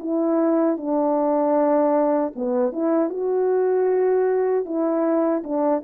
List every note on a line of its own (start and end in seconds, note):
0.00 0.77 E4
0.77 2.33 D4
2.36 2.73 B3
2.73 3.10 E4
3.10 4.65 F#4
4.65 5.43 E4
5.44 5.83 D4